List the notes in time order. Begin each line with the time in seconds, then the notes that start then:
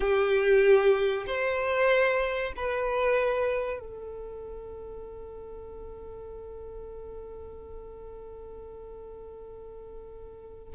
0.00 G4
1.26 C5
2.56 B4
3.79 A4